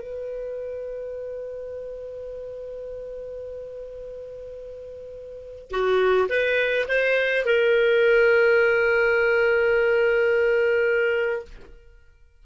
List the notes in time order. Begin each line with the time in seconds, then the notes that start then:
0.00 B4
5.71 F#4
6.29 B4
6.88 C5
7.45 A#4